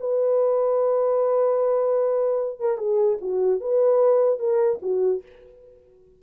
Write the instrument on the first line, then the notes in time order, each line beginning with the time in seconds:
horn
0.00 B4
2.60 A#4
2.78 G#4
3.21 F#4
3.61 B4
4.39 A#4
4.82 F#4